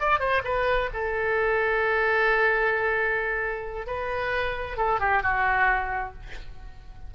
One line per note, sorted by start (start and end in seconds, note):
0.00 0.20 D5
0.20 0.42 C5
0.44 0.90 B4
0.94 3.87 A4
3.87 4.77 B4
4.77 5.00 A4
5.00 5.23 G4
5.23 6.14 F#4